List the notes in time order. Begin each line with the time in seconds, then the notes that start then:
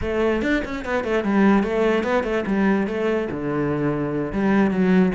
0.01 A3
0.42 D4
0.64 C#4
0.84 B3
1.04 A3
1.24 G3
1.63 A3
2.03 B3
2.23 A3
2.46 G3
2.87 A3
3.31 D3
4.32 G3
4.71 F#3